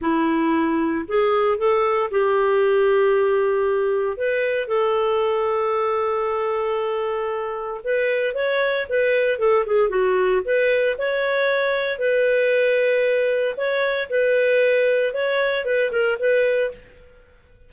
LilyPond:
\new Staff \with { instrumentName = "clarinet" } { \time 4/4 \tempo 4 = 115 e'2 gis'4 a'4 | g'1 | b'4 a'2.~ | a'2. b'4 |
cis''4 b'4 a'8 gis'8 fis'4 | b'4 cis''2 b'4~ | b'2 cis''4 b'4~ | b'4 cis''4 b'8 ais'8 b'4 | }